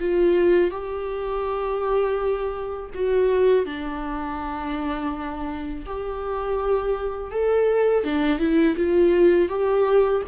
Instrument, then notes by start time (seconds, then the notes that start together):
viola
0.00 F4
0.71 G4
2.95 F#4
3.66 D4
5.86 G4
7.31 A4
8.04 D4
8.39 E4
8.77 F4
9.49 G4